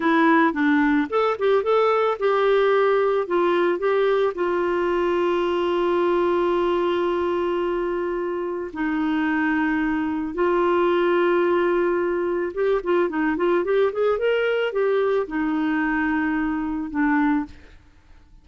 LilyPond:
\new Staff \with { instrumentName = "clarinet" } { \time 4/4 \tempo 4 = 110 e'4 d'4 a'8 g'8 a'4 | g'2 f'4 g'4 | f'1~ | f'1 |
dis'2. f'4~ | f'2. g'8 f'8 | dis'8 f'8 g'8 gis'8 ais'4 g'4 | dis'2. d'4 | }